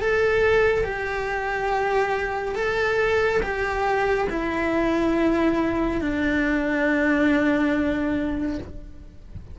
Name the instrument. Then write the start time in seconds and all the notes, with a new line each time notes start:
cello
0.00 A4
0.84 G4
2.55 A4
3.42 G4
4.29 E4
6.01 D4